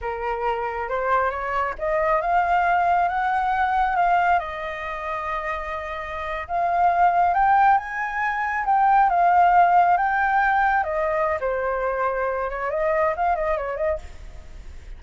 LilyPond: \new Staff \with { instrumentName = "flute" } { \time 4/4 \tempo 4 = 137 ais'2 c''4 cis''4 | dis''4 f''2 fis''4~ | fis''4 f''4 dis''2~ | dis''2~ dis''8. f''4~ f''16~ |
f''8. g''4 gis''2 g''16~ | g''8. f''2 g''4~ g''16~ | g''8. dis''4~ dis''16 c''2~ | c''8 cis''8 dis''4 f''8 dis''8 cis''8 dis''8 | }